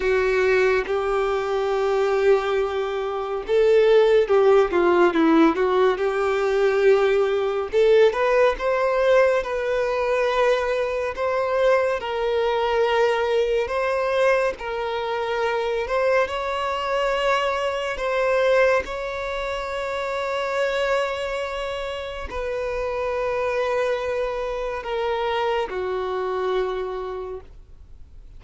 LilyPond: \new Staff \with { instrumentName = "violin" } { \time 4/4 \tempo 4 = 70 fis'4 g'2. | a'4 g'8 f'8 e'8 fis'8 g'4~ | g'4 a'8 b'8 c''4 b'4~ | b'4 c''4 ais'2 |
c''4 ais'4. c''8 cis''4~ | cis''4 c''4 cis''2~ | cis''2 b'2~ | b'4 ais'4 fis'2 | }